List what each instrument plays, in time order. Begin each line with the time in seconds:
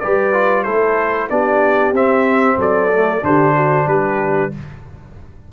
0.00 tuba G3, trombone G4, horn B4, trumpet D5
0.34 trombone F4
0.64 tuba A3, trombone E4, horn A4, trumpet C5
1.30 tuba B3, trombone D4, horn G4, trumpet D5
1.93 tuba C4, trombone C4, trumpet E5
2.58 tuba F#3, horn A4, trumpet D5
2.93 trombone A3
3.22 tuba D3, trombone D4, horn G4, trumpet C5
3.56 horn F#4
3.87 tuba G3, horn G4, trumpet B4